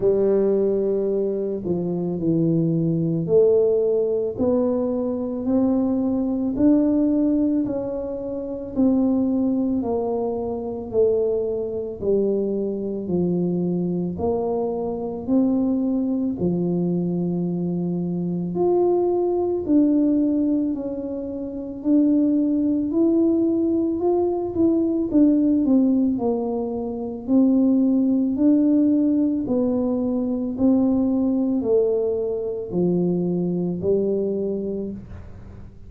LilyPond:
\new Staff \with { instrumentName = "tuba" } { \time 4/4 \tempo 4 = 55 g4. f8 e4 a4 | b4 c'4 d'4 cis'4 | c'4 ais4 a4 g4 | f4 ais4 c'4 f4~ |
f4 f'4 d'4 cis'4 | d'4 e'4 f'8 e'8 d'8 c'8 | ais4 c'4 d'4 b4 | c'4 a4 f4 g4 | }